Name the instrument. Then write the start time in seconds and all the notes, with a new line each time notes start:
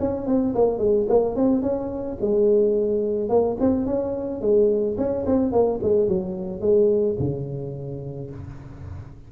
tuba
0.00 C#4
0.27 C4
0.55 A#3
0.79 G#3
1.09 A#3
1.36 C4
1.62 C#4
2.21 G#3
3.30 A#3
3.60 C4
3.86 C#4
4.41 G#3
4.98 C#4
5.27 C4
5.52 A#3
5.83 G#3
6.08 F#3
6.61 G#3
7.19 C#3